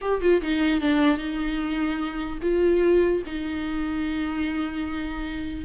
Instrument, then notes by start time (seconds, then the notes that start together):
viola
0.01 G4
0.21 F4
0.41 D#4
0.80 D4
1.17 D#4
2.42 F4
3.25 D#4